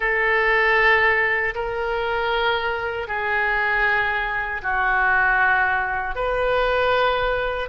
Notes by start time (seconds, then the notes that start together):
0.00 A4
1.54 A#4
3.07 G#4
4.62 F#4
6.15 B4